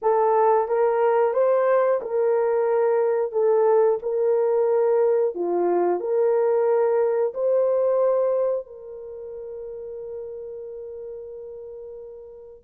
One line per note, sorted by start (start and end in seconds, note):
0.02 0.68 A4
0.68 1.33 A#4
1.33 2.00 C5
2.01 3.32 A#4
3.32 3.98 A4
4.02 5.34 A#4
5.34 6.00 F4
6.00 7.33 A#4
7.34 8.66 C5
8.66 12.64 A#4